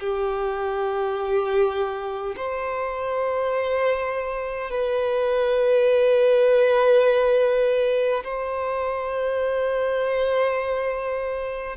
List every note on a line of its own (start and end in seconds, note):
0.00 2.35 G4
2.37 4.71 C5
4.71 8.24 B4
8.24 11.77 C5